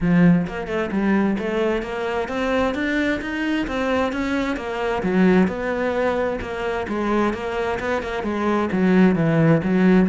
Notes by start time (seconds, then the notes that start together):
0.00 F3
0.47 A#3
0.67 A3
0.91 G3
1.38 A3
1.82 A#3
2.28 C4
2.74 D4
3.21 D#4
3.67 C4
4.12 C#4
4.56 A#3
5.03 F#3
5.47 B3
6.41 A#3
6.87 G#3
7.33 A#3
7.79 B3
8.02 A#3
8.23 G#3
8.72 F#3
9.15 E3
9.63 F#3